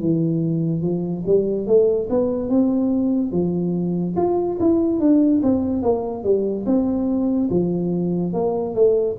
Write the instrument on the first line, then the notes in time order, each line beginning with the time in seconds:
tuba
0.00 E3
0.82 F3
1.26 G3
1.67 A3
2.09 B3
2.49 C4
3.31 F3
4.16 F4
4.59 E4
5.00 D4
5.43 C4
5.82 A#3
6.23 G3
6.66 C4
7.50 F3
8.33 A#3
8.75 A3